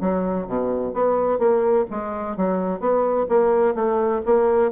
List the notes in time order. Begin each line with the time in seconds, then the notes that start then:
0.00 F#3
0.47 B2
0.94 B3
1.38 A#3
1.90 G#3
2.36 F#3
2.80 B3
3.29 A#3
3.74 A3
4.25 A#3